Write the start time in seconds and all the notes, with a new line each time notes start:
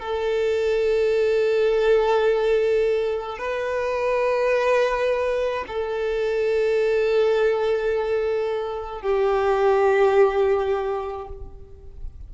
0.00 A4
3.38 B4
5.68 A4
9.02 G4